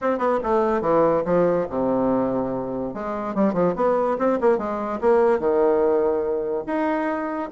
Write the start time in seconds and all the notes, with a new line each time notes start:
0.01 C4
0.18 B3
0.43 A3
0.81 E3
1.25 F3
1.69 C3
2.93 G#3
3.34 G3
3.53 F3
3.75 B3
4.18 C4
4.40 A#3
4.58 G#3
5.01 A#3
5.39 D#3
6.66 D#4